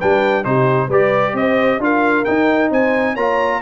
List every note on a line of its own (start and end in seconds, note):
0.00 0.45 G3
0.00 0.44 D4
0.00 0.45 B4
0.00 0.45 G5
0.44 0.89 C3
0.44 0.90 D#4
0.44 0.88 G4
0.44 0.90 C5
0.88 1.34 G3
0.88 1.81 G4
0.88 1.34 B4
0.88 1.37 D5
1.34 1.79 C4
1.34 1.83 C5
1.34 1.82 D#5
1.80 2.25 D4
1.80 2.26 F4
1.80 2.71 A#4
1.80 2.25 F5
2.25 3.17 D#4
2.25 2.71 D#4
2.25 2.70 G5
2.71 3.17 C4
2.71 3.14 C5
2.71 3.16 G#5
3.14 3.62 A#3
3.14 3.62 F4
3.14 3.59 C#5
3.14 3.62 A#5